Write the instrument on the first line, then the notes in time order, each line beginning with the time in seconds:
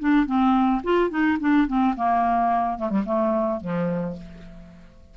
clarinet
0.00 D4
0.27 C4
0.84 F4
1.10 D#4
1.41 D4
1.68 C4
1.96 A#3
2.79 A3
2.90 G3
3.06 A3
3.61 F3